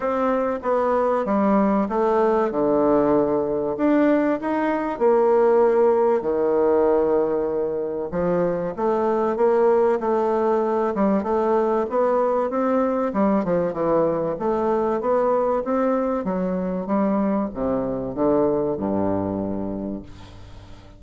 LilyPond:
\new Staff \with { instrumentName = "bassoon" } { \time 4/4 \tempo 4 = 96 c'4 b4 g4 a4 | d2 d'4 dis'4 | ais2 dis2~ | dis4 f4 a4 ais4 |
a4. g8 a4 b4 | c'4 g8 f8 e4 a4 | b4 c'4 fis4 g4 | c4 d4 g,2 | }